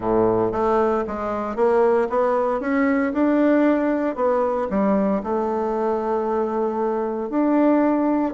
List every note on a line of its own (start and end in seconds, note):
0.00 0.52 A2
0.52 1.04 A3
1.07 1.56 G#3
1.56 2.08 A#3
2.09 2.60 B3
2.60 3.12 C#4
3.13 4.15 D4
4.15 4.67 B3
4.70 5.22 G3
5.23 7.29 A3
7.29 8.33 D4